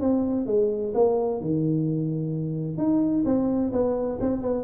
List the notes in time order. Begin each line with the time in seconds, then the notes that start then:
0.00 C4
0.46 G#3
0.94 A#3
1.41 D#3
2.77 D#4
3.25 C4
3.72 B3
4.20 C4
4.41 B3